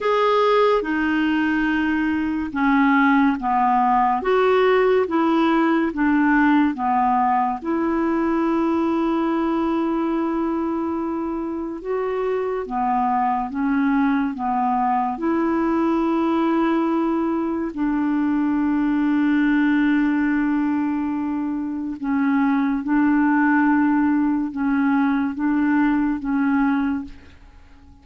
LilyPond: \new Staff \with { instrumentName = "clarinet" } { \time 4/4 \tempo 4 = 71 gis'4 dis'2 cis'4 | b4 fis'4 e'4 d'4 | b4 e'2.~ | e'2 fis'4 b4 |
cis'4 b4 e'2~ | e'4 d'2.~ | d'2 cis'4 d'4~ | d'4 cis'4 d'4 cis'4 | }